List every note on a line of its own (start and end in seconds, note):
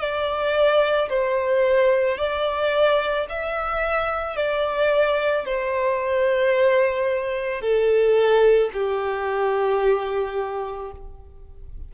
0.00 1.09 D5
1.10 2.18 C5
2.18 3.27 D5
3.29 4.36 E5
4.36 5.45 D5
5.45 7.61 C5
7.61 8.70 A4
8.73 10.91 G4